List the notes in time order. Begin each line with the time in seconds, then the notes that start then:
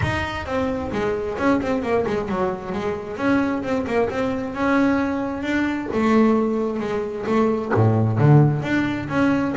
0.02 D#4
0.45 C4
0.92 G#3
1.38 C#4
1.61 C4
1.82 A#3
2.06 G#3
2.29 F#3
2.72 G#3
3.16 C#4
3.62 C4
3.86 A#3
4.09 C4
4.54 C#4
5.42 D4
5.93 A3
6.79 G#3
7.26 A3
7.74 A2
8.18 D3
8.62 D4
9.08 C#4